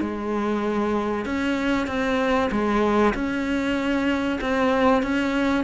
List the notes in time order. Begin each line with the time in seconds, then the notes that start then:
0.00 G#3
1.25 C#4
1.87 C4
2.51 G#3
3.14 C#4
4.41 C4
5.02 C#4